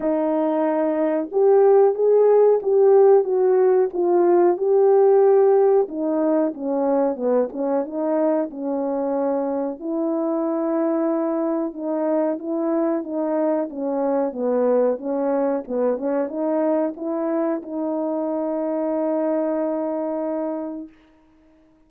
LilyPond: \new Staff \with { instrumentName = "horn" } { \time 4/4 \tempo 4 = 92 dis'2 g'4 gis'4 | g'4 fis'4 f'4 g'4~ | g'4 dis'4 cis'4 b8 cis'8 | dis'4 cis'2 e'4~ |
e'2 dis'4 e'4 | dis'4 cis'4 b4 cis'4 | b8 cis'8 dis'4 e'4 dis'4~ | dis'1 | }